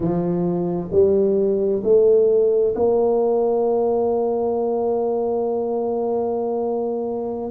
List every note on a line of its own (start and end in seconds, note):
0.00 0.90 F3
0.91 1.82 G3
1.83 2.74 A3
2.75 7.50 A#3